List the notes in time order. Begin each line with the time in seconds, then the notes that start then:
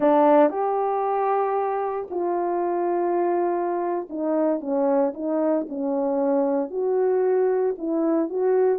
0.00 D4
0.50 G4
2.10 F4
4.09 D#4
4.60 C#4
5.14 D#4
5.68 C#4
6.70 F#4
7.78 E4
8.29 F#4